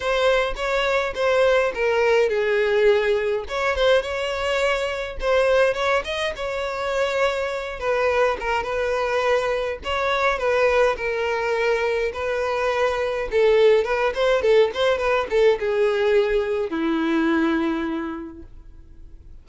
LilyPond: \new Staff \with { instrumentName = "violin" } { \time 4/4 \tempo 4 = 104 c''4 cis''4 c''4 ais'4 | gis'2 cis''8 c''8 cis''4~ | cis''4 c''4 cis''8 dis''8 cis''4~ | cis''4. b'4 ais'8 b'4~ |
b'4 cis''4 b'4 ais'4~ | ais'4 b'2 a'4 | b'8 c''8 a'8 c''8 b'8 a'8 gis'4~ | gis'4 e'2. | }